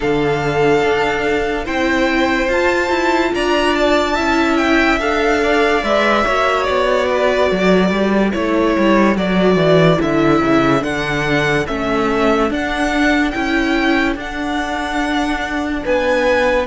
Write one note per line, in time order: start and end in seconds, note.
0.00 0.83 D3
0.00 1.65 D4
0.00 1.64 A4
0.00 1.66 F5
0.83 1.66 D4
1.64 2.48 C4
1.64 2.49 E4
1.64 3.31 C5
1.64 2.49 G5
2.48 2.89 F4
2.48 4.17 F4
2.48 3.34 A5
2.89 3.31 E4
3.34 4.18 D4
3.34 4.15 D5
3.34 3.75 A#5
3.75 4.56 A5
4.15 4.99 C#4
4.15 4.99 E4
4.15 5.40 E5
4.56 4.98 G5
4.99 5.82 D4
4.99 5.82 A4
4.99 5.84 F5
5.42 6.25 D5
5.82 6.24 G#3
5.82 6.24 B4
5.82 6.63 E5
6.25 6.68 A#3
6.25 8.32 F#4
6.25 7.08 C#5
6.63 7.51 B3
6.63 8.30 D5
7.09 7.49 B4
7.49 7.90 F#3
7.49 15.82 A4
7.90 8.32 G3
8.32 8.77 A3
8.32 9.15 E4
8.32 9.16 C#5
8.77 9.16 G3
9.16 9.55 F#3
9.16 9.97 F#4
9.16 10.01 D5
9.55 9.97 E3
9.97 10.40 D3
9.97 10.80 E4
9.97 10.83 E5
10.40 10.82 C#3
10.80 11.66 D3
10.80 11.63 D4
10.80 11.66 F#5
11.66 12.50 A3
11.66 12.49 C#4
11.66 12.50 E5
12.49 13.32 D4
12.49 13.33 D4
12.49 13.30 F#5
13.30 14.15 C#4
13.30 14.17 E4
13.30 14.14 G5
14.15 15.82 D4
14.15 16.66 D4
14.15 15.85 F#5
15.84 16.66 B3
15.84 16.66 B4
15.84 16.66 G#5